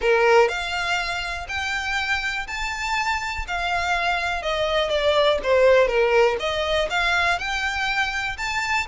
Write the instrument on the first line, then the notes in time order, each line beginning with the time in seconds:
violin
0.01 A#4
0.48 F5
1.48 G5
2.47 A5
3.47 F5
4.42 D#5
4.89 D5
5.43 C5
5.87 A#4
6.39 D#5
6.90 F5
7.38 G5
8.37 A5